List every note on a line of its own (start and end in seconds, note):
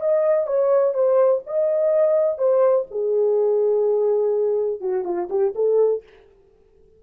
0.00 0.46 D#5
0.46 0.94 C#5
0.94 1.42 C5
1.46 2.38 D#5
2.38 2.86 C5
2.90 4.80 G#4
4.80 5.04 F#4
5.04 5.28 F4
5.29 5.53 G4
5.55 6.03 A4